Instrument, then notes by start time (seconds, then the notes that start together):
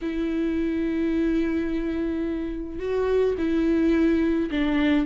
viola
0.01 E4
2.79 F#4
3.38 E4
4.50 D4